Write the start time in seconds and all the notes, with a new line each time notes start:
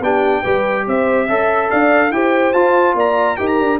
0.00 B3 D4 G4 G5
0.42 G3 G4 B4
0.87 C4 C5 E5
1.27 C#4 A4 E5
1.70 D4 D5 F5
2.11 E4 G4 C5 G5
2.53 F4 A5
2.94 A#3 D5 A#5
3.36 D#4 G4 A#4 G5
3.47 A#5
3.60 D4